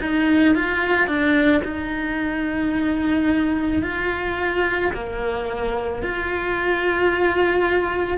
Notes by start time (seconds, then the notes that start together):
0.00 D#4
0.55 F4
1.07 D4
1.64 D#4
3.82 F4
4.93 A#3
6.02 F4